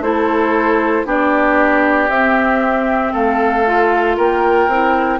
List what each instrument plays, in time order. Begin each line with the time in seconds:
0.00 bassoon A3, clarinet E4, oboe A4, flute C5
1.05 bassoon B3, clarinet D4, oboe G4, flute D5
2.08 bassoon C4, clarinet C4, flute E5
3.12 bassoon A3, oboe A4, flute F5
3.66 clarinet F4
4.16 bassoon A#3, oboe A#4, flute G5
4.67 bassoon C4, clarinet E4